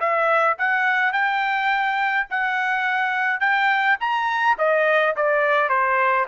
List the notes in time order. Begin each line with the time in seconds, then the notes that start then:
0.00 E5
0.59 F#5
1.13 G5
2.31 F#5
3.40 G5
4.01 A#5
4.58 D#5
5.17 D5
5.69 C5